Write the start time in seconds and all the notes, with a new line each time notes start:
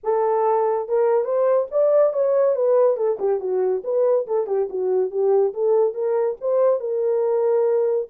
0.03 A4
0.88 A#4
1.24 C5
1.71 D5
2.13 C#5
2.55 B4
2.96 A4
3.19 G4
3.40 F#4
3.84 B4
4.26 A4
4.47 G4
4.69 F#4
5.10 G4
5.53 A4
5.93 A#4
6.40 C5
6.80 A#4